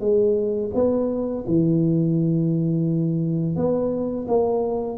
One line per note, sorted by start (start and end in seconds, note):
0.00 0.71 G#3
0.74 1.45 B3
1.47 3.56 E3
3.56 4.26 B3
4.28 4.97 A#3